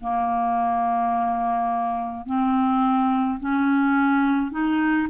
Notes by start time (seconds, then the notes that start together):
0.00 A#3
2.26 C4
3.39 C#4
4.51 D#4